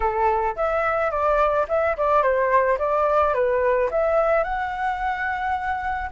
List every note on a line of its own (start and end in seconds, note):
0.00 0.55 A4
0.56 1.10 E5
1.10 1.66 D5
1.68 1.96 E5
1.97 2.22 D5
2.22 2.78 C5
2.78 3.34 D5
3.34 3.89 B4
3.90 4.43 E5
4.43 6.10 F#5